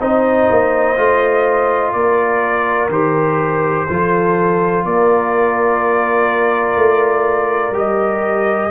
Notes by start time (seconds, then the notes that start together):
0.00 C4 D#4 C5 D#5
0.50 A#3
0.97 A3 F4
1.93 A#3 A#4 D5
2.89 D#3 G4 C5
3.89 F3 F4 A4
4.84 A#3 A#4 D5
6.76 A3
7.72 G3 G4 D#5